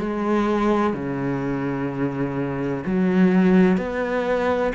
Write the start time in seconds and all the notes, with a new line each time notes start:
0.00 G#3
0.94 C#3
2.86 F#3
3.78 B3